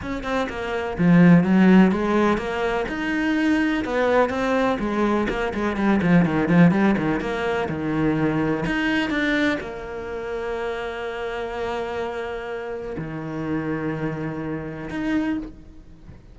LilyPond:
\new Staff \with { instrumentName = "cello" } { \time 4/4 \tempo 4 = 125 cis'8 c'8 ais4 f4 fis4 | gis4 ais4 dis'2 | b4 c'4 gis4 ais8 gis8 | g8 f8 dis8 f8 g8 dis8 ais4 |
dis2 dis'4 d'4 | ais1~ | ais2. dis4~ | dis2. dis'4 | }